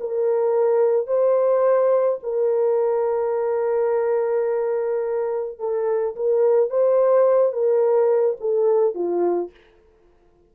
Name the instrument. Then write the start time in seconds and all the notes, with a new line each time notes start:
horn
0.00 A#4
1.07 C5
2.23 A#4
5.59 A4
6.16 A#4
6.70 C5
7.52 A#4
8.40 A4
8.94 F4